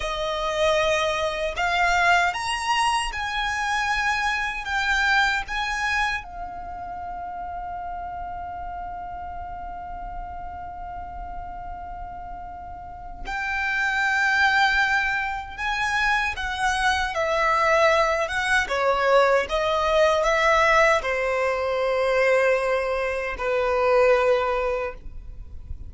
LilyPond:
\new Staff \with { instrumentName = "violin" } { \time 4/4 \tempo 4 = 77 dis''2 f''4 ais''4 | gis''2 g''4 gis''4 | f''1~ | f''1~ |
f''4 g''2. | gis''4 fis''4 e''4. fis''8 | cis''4 dis''4 e''4 c''4~ | c''2 b'2 | }